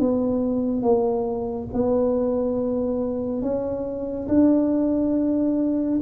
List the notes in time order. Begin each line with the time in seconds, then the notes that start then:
0.00 B3
0.83 A#3
1.74 B3
3.42 C#4
4.29 D4